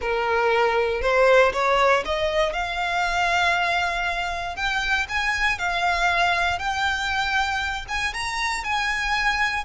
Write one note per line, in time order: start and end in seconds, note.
0.01 1.01 A#4
1.01 1.52 C5
1.53 2.03 C#5
2.05 2.52 D#5
2.52 4.55 F5
4.55 5.06 G5
5.08 5.58 G#5
5.58 6.58 F5
6.58 7.85 G5
7.88 8.13 G#5
8.13 8.64 A#5
8.64 9.64 G#5